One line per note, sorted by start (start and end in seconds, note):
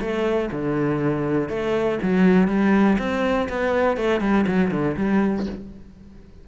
0.00 0.50 A3
0.51 1.49 D3
1.49 1.98 A3
2.02 2.47 F#3
2.47 2.97 G3
2.98 3.48 C4
3.49 3.97 B3
3.97 4.20 A3
4.20 4.45 G3
4.47 4.71 F#3
4.71 4.96 D3
4.96 5.46 G3